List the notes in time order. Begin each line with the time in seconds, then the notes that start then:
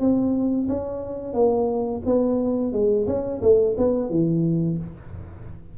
0.00 C4
0.69 C#4
1.34 A#3
2.05 B3
2.73 G#3
3.07 C#4
3.42 A3
3.78 B3
4.10 E3